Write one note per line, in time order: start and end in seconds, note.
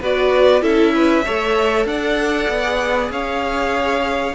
0.00 0.61 B3
0.00 0.61 F#4
0.00 0.61 B4
0.00 0.62 D5
0.61 1.23 C#4
0.61 1.23 E4
0.61 0.92 A4
0.61 1.86 E5
0.94 1.24 B4
1.24 1.85 A3
1.24 2.64 A4
1.24 1.86 C#5
1.85 2.47 D4
1.85 3.11 D5
1.85 3.10 F#5
2.48 3.09 B3
2.64 4.34 G#4
3.09 4.33 C#4
3.09 4.34 C#5
3.09 4.34 F5